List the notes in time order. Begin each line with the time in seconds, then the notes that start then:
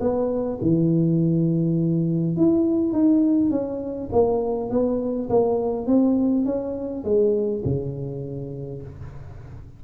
0.00 B3
0.61 E3
2.36 E4
2.92 D#4
3.50 C#4
4.12 A#3
4.70 B3
5.29 A#3
5.86 C4
6.45 C#4
7.04 G#3
7.64 C#3